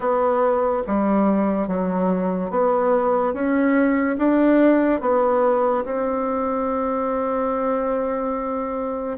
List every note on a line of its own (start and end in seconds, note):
0.00 0.83 B3
0.86 1.67 G3
1.67 2.50 F#3
2.50 3.33 B3
3.33 4.17 C#4
4.18 5.00 D4
5.00 5.84 B3
5.84 9.18 C4